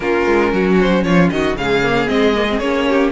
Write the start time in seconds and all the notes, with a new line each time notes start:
0.00 A#3 C#4 F4 A#4
0.25 G#3
0.52 F#3 F#4
0.80 C5
1.03 F3 F4 C#5
1.30 D#3 F#4 D#5
1.55 C#3 G#3 G#4 F5
1.83 A#3
2.07 G#3 C4 D#5
2.35 A#3
2.49 C4
2.58 A#3 C#4 C#5
2.89 G4